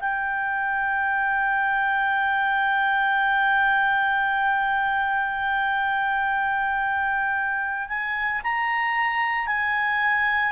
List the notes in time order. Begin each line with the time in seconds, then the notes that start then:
0.00 G5
7.89 G#5
8.44 A#5
9.47 G#5